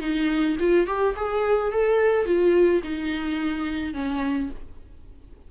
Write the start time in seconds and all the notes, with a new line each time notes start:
0.00 D#4
0.59 F4
0.86 G4
1.16 G#4
1.72 A4
2.26 F4
2.83 D#4
3.94 C#4